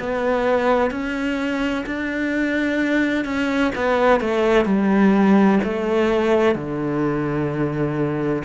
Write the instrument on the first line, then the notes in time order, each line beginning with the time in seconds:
cello
0.00 B3
0.91 C#4
1.87 D4
3.25 C#4
3.76 B3
4.21 A3
4.66 G3
5.64 A3
6.56 D3